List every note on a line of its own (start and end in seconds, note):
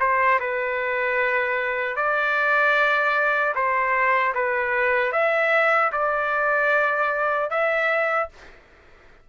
0.00 0.39 C5
0.40 1.96 B4
1.96 3.54 D5
3.55 4.34 C5
4.35 5.12 B4
5.12 5.91 E5
5.92 7.50 D5
7.50 8.29 E5